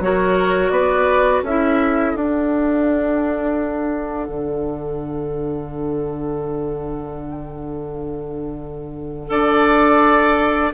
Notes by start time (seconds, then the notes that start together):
0.00 F#3 F#4 C#5
0.06 A#4
0.70 B3 B4 D5
1.43 C#4 E4 A4 E5
2.16 D4 F#5
4.29 D3
9.28 D4 A4 D5